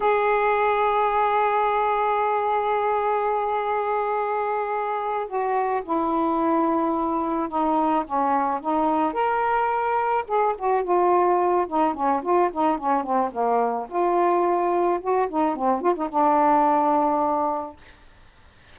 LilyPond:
\new Staff \with { instrumentName = "saxophone" } { \time 4/4 \tempo 4 = 108 gis'1~ | gis'1~ | gis'4. fis'4 e'4.~ | e'4. dis'4 cis'4 dis'8~ |
dis'8 ais'2 gis'8 fis'8 f'8~ | f'4 dis'8 cis'8 f'8 dis'8 cis'8 c'8 | ais4 f'2 fis'8 dis'8 | c'8 f'16 dis'16 d'2. | }